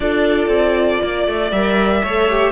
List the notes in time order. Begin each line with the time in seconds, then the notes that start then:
0.00 D4 F4 A4 D5
0.47 C4
1.01 A#3 D5
1.27 A3
1.51 G3 A#4 E5
2.02 A3 A4 C#5
2.30 G4